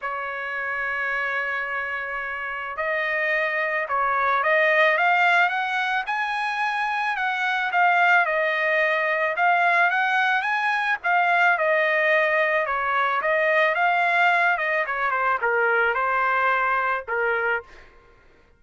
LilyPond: \new Staff \with { instrumentName = "trumpet" } { \time 4/4 \tempo 4 = 109 cis''1~ | cis''4 dis''2 cis''4 | dis''4 f''4 fis''4 gis''4~ | gis''4 fis''4 f''4 dis''4~ |
dis''4 f''4 fis''4 gis''4 | f''4 dis''2 cis''4 | dis''4 f''4. dis''8 cis''8 c''8 | ais'4 c''2 ais'4 | }